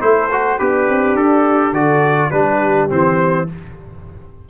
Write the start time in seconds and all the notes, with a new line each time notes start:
0.00 A3 E4 A4 C5
0.32 F#4
0.59 B3 D4 G4 B4
0.89 C4
1.16 D4 A4
1.72 D3 F#4 A4 D5
2.31 G3 D4 G4 B4
2.89 E3 C4 C5